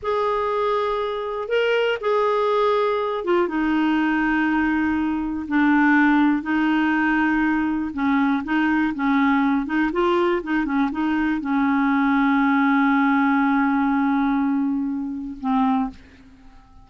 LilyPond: \new Staff \with { instrumentName = "clarinet" } { \time 4/4 \tempo 4 = 121 gis'2. ais'4 | gis'2~ gis'8 f'8 dis'4~ | dis'2. d'4~ | d'4 dis'2. |
cis'4 dis'4 cis'4. dis'8 | f'4 dis'8 cis'8 dis'4 cis'4~ | cis'1~ | cis'2. c'4 | }